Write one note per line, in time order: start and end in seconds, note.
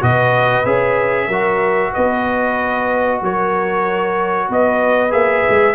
0.00 0.65 B2
0.00 0.64 F#4
0.00 1.27 B4
0.00 0.65 D#5
0.65 1.28 C#4
0.65 1.29 G#4
0.65 1.93 E5
1.27 1.91 F#3
1.27 5.10 F#4
1.27 1.90 A#4
1.93 3.21 B3
1.93 3.20 B4
1.93 3.21 D#5
3.21 4.49 F#3
3.21 4.47 A#4
3.21 4.51 C#5
4.47 5.12 B3
4.47 5.75 B4
4.47 5.12 D#5
5.10 5.44 A#3
5.10 5.73 G#4
5.10 5.75 E5
5.49 5.75 G#3